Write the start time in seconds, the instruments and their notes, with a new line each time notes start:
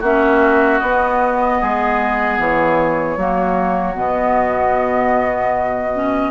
0.00 bassoon A#3, clarinet C#4, oboe F#4, flute E5
0.79 bassoon B3, clarinet B3, flute D#5
1.61 bassoon G#3, oboe G#4
2.38 bassoon E3, flute C#5
3.17 bassoon F#3, clarinet A#3, oboe F#4
3.94 bassoon B2, clarinet B3, flute D#5
5.94 clarinet C#4